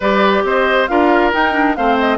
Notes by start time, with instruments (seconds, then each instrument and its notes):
0.00 bassoon G3, clarinet G4, oboe B4, flute D5
0.43 bassoon C4, oboe C5, flute D#5
0.87 bassoon D4, clarinet F4, oboe A#4, flute F5
1.32 clarinet D#4, bassoon D#4, flute G5
1.53 clarinet D4
1.75 bassoon A3, clarinet C4, oboe C5, flute F5
1.99 flute D#5